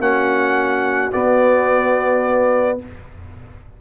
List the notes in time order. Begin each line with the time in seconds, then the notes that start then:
0.00 A#3 C#4 F#4 F#5
1.12 B3 D5